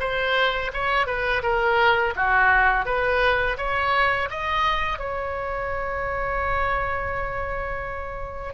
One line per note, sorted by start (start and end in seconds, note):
0.00 0.71 C5
0.73 1.06 C#5
1.06 1.42 B4
1.43 2.14 A#4
2.16 2.85 F#4
2.85 3.57 B4
3.57 4.29 C#5
4.30 4.98 D#5
4.98 8.54 C#5